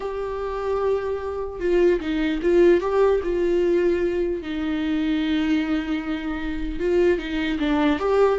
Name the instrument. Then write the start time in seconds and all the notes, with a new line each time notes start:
viola
0.00 G4
1.60 F4
2.00 D#4
2.42 F4
2.80 G4
3.23 F4
4.41 D#4
6.79 F4
7.18 D#4
7.59 D4
7.99 G4